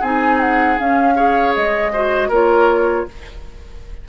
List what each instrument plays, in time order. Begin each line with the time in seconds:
0.00 bassoon C4, clarinet D#4, oboe G#4, flute G#5
0.40 flute F#5
0.78 clarinet C#4, bassoon C#4, flute F5
1.16 clarinet G#4, oboe C#5
1.55 bassoon G#3, flute D#5
1.92 clarinet F#4, oboe C5
2.28 bassoon A#3, clarinet F4, oboe A#4, flute C#5